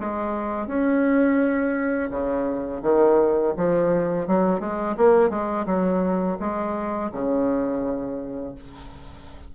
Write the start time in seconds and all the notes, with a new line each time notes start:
0.00 G#3
0.68 C#4
2.11 C#3
2.83 D#3
3.57 F3
4.28 F#3
4.60 G#3
4.97 A#3
5.30 G#3
5.67 F#3
6.40 G#3
7.12 C#3